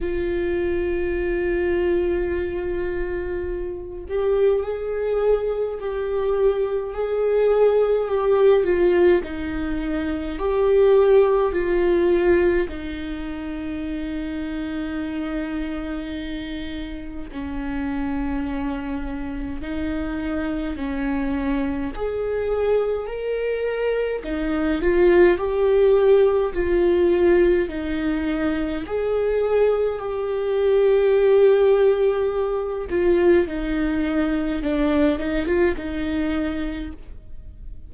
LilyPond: \new Staff \with { instrumentName = "viola" } { \time 4/4 \tempo 4 = 52 f'2.~ f'8 g'8 | gis'4 g'4 gis'4 g'8 f'8 | dis'4 g'4 f'4 dis'4~ | dis'2. cis'4~ |
cis'4 dis'4 cis'4 gis'4 | ais'4 dis'8 f'8 g'4 f'4 | dis'4 gis'4 g'2~ | g'8 f'8 dis'4 d'8 dis'16 f'16 dis'4 | }